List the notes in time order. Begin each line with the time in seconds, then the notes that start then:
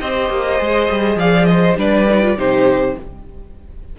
0.00 C4 G4 C5 D#5
0.30 A#3
0.59 G#3 G#4
0.90 G3
1.16 F3 D5 F5
1.45 C5 D#5
1.77 G3 D4 B4 D5
2.10 D#4
2.23 F4
2.36 C3 D#4 G4 C5